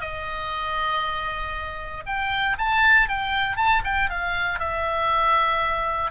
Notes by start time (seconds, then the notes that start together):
0.00 D#5
2.06 G5
2.58 A5
3.08 G5
3.56 A5
3.84 G5
4.09 F5
4.59 E5